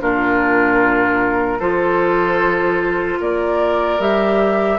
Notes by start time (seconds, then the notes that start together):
0.00 A#2 D4 F4 A#4
1.59 F3 F4 A4 C5
3.21 A#3 A#4 D5
3.99 G3 G4 E5